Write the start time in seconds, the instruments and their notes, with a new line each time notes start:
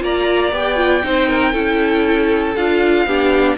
0.00 cello A#3, viola F4, violin D5 A#5
0.53 cello B3, viola G4, violin G5
0.77 viola F4
1.04 cello C4, viola D#4, violin C5
1.29 violin A#4
1.53 cello C#4, viola E4, violin A4
2.56 cello D4, viola F4, violin F5
3.06 cello B3, viola D4, violin G4